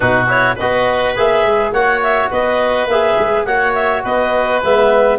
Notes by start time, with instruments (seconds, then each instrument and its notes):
0.00 tuba B2, trombone D#4, oboe F#4, clarinet B4
0.27 trombone E4, clarinet C#5
0.55 tuba B3, trombone F#4, oboe B4, clarinet D#5
1.16 tuba A#3, trombone G#4, clarinet E5
1.44 tuba G#3
1.72 tuba A#3, trombone F#4, oboe C#5, clarinet F#5
2.02 clarinet E5
2.30 tuba B3, oboe B4, clarinet D#5
2.85 tuba A#3, trombone G#4, clarinet E5
3.18 tuba G#3
3.44 tuba A#3, trombone F#4, oboe C#5, clarinet F#5
3.74 clarinet E5
4.03 tuba B3, oboe B4, clarinet D#5
4.63 tuba G#3, trombone B3, clarinet E5